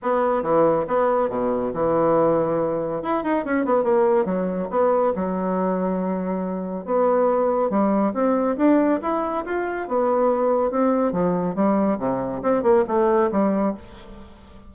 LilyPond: \new Staff \with { instrumentName = "bassoon" } { \time 4/4 \tempo 4 = 140 b4 e4 b4 b,4 | e2. e'8 dis'8 | cis'8 b8 ais4 fis4 b4 | fis1 |
b2 g4 c'4 | d'4 e'4 f'4 b4~ | b4 c'4 f4 g4 | c4 c'8 ais8 a4 g4 | }